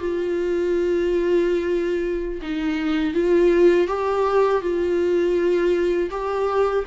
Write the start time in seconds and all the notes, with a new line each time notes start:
0.00 F4
2.42 D#4
3.14 F4
3.88 G4
4.62 F4
6.11 G4